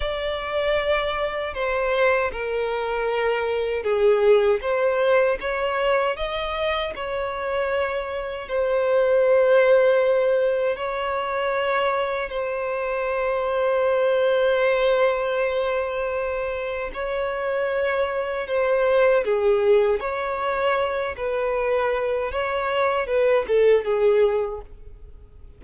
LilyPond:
\new Staff \with { instrumentName = "violin" } { \time 4/4 \tempo 4 = 78 d''2 c''4 ais'4~ | ais'4 gis'4 c''4 cis''4 | dis''4 cis''2 c''4~ | c''2 cis''2 |
c''1~ | c''2 cis''2 | c''4 gis'4 cis''4. b'8~ | b'4 cis''4 b'8 a'8 gis'4 | }